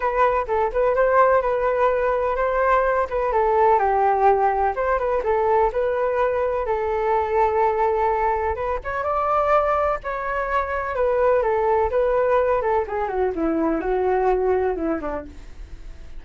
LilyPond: \new Staff \with { instrumentName = "flute" } { \time 4/4 \tempo 4 = 126 b'4 a'8 b'8 c''4 b'4~ | b'4 c''4. b'8 a'4 | g'2 c''8 b'8 a'4 | b'2 a'2~ |
a'2 b'8 cis''8 d''4~ | d''4 cis''2 b'4 | a'4 b'4. a'8 gis'8 fis'8 | e'4 fis'2 e'8 d'8 | }